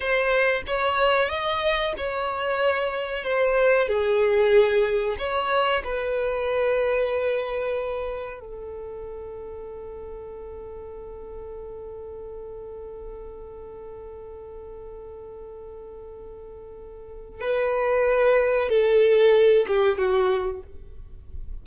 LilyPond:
\new Staff \with { instrumentName = "violin" } { \time 4/4 \tempo 4 = 93 c''4 cis''4 dis''4 cis''4~ | cis''4 c''4 gis'2 | cis''4 b'2.~ | b'4 a'2.~ |
a'1~ | a'1~ | a'2. b'4~ | b'4 a'4. g'8 fis'4 | }